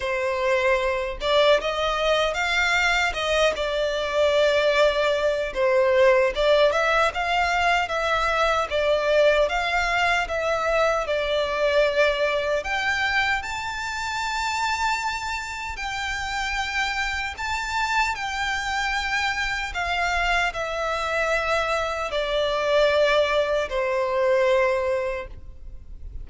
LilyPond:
\new Staff \with { instrumentName = "violin" } { \time 4/4 \tempo 4 = 76 c''4. d''8 dis''4 f''4 | dis''8 d''2~ d''8 c''4 | d''8 e''8 f''4 e''4 d''4 | f''4 e''4 d''2 |
g''4 a''2. | g''2 a''4 g''4~ | g''4 f''4 e''2 | d''2 c''2 | }